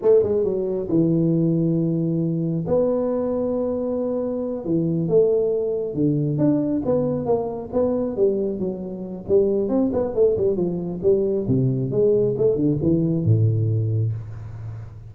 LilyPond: \new Staff \with { instrumentName = "tuba" } { \time 4/4 \tempo 4 = 136 a8 gis8 fis4 e2~ | e2 b2~ | b2~ b8 e4 a8~ | a4. d4 d'4 b8~ |
b8 ais4 b4 g4 fis8~ | fis4 g4 c'8 b8 a8 g8 | f4 g4 c4 gis4 | a8 d8 e4 a,2 | }